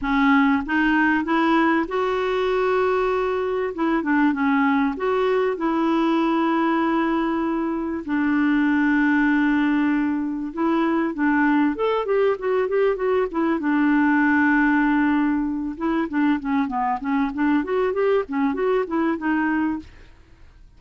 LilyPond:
\new Staff \with { instrumentName = "clarinet" } { \time 4/4 \tempo 4 = 97 cis'4 dis'4 e'4 fis'4~ | fis'2 e'8 d'8 cis'4 | fis'4 e'2.~ | e'4 d'2.~ |
d'4 e'4 d'4 a'8 g'8 | fis'8 g'8 fis'8 e'8 d'2~ | d'4. e'8 d'8 cis'8 b8 cis'8 | d'8 fis'8 g'8 cis'8 fis'8 e'8 dis'4 | }